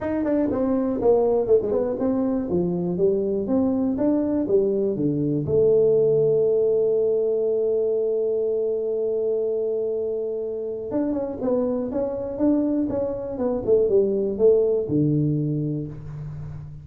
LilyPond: \new Staff \with { instrumentName = "tuba" } { \time 4/4 \tempo 4 = 121 dis'8 d'8 c'4 ais4 a16 gis16 b8 | c'4 f4 g4 c'4 | d'4 g4 d4 a4~ | a1~ |
a1~ | a2 d'8 cis'8 b4 | cis'4 d'4 cis'4 b8 a8 | g4 a4 d2 | }